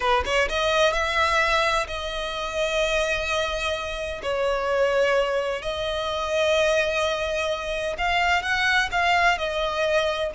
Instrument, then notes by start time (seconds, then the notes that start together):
violin
0.00 B4
0.25 C#5
0.48 D#5
0.92 E5
1.87 D#5
4.22 C#5
5.62 D#5
7.98 F5
8.42 F#5
8.91 F5
9.37 D#5